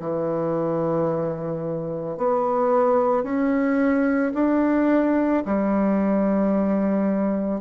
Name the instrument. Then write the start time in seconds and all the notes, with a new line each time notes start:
bassoon
0.00 E3
2.18 B3
3.23 C#4
4.34 D4
5.45 G3